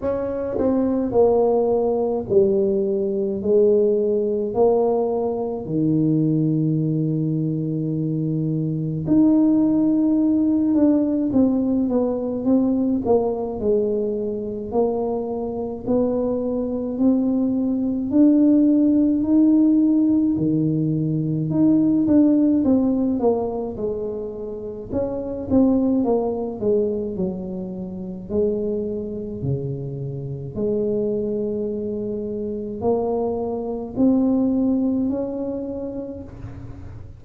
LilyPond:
\new Staff \with { instrumentName = "tuba" } { \time 4/4 \tempo 4 = 53 cis'8 c'8 ais4 g4 gis4 | ais4 dis2. | dis'4. d'8 c'8 b8 c'8 ais8 | gis4 ais4 b4 c'4 |
d'4 dis'4 dis4 dis'8 d'8 | c'8 ais8 gis4 cis'8 c'8 ais8 gis8 | fis4 gis4 cis4 gis4~ | gis4 ais4 c'4 cis'4 | }